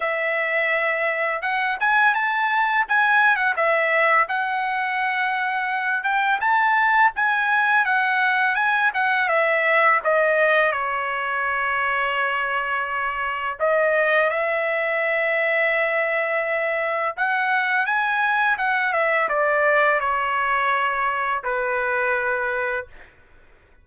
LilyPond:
\new Staff \with { instrumentName = "trumpet" } { \time 4/4 \tempo 4 = 84 e''2 fis''8 gis''8 a''4 | gis''8. fis''16 e''4 fis''2~ | fis''8 g''8 a''4 gis''4 fis''4 | gis''8 fis''8 e''4 dis''4 cis''4~ |
cis''2. dis''4 | e''1 | fis''4 gis''4 fis''8 e''8 d''4 | cis''2 b'2 | }